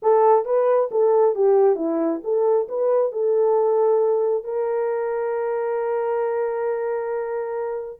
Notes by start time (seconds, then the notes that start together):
0.02 A4
0.45 B4
0.91 A4
1.35 G4
1.75 E4
2.23 A4
2.68 B4
3.12 A4
4.44 A#4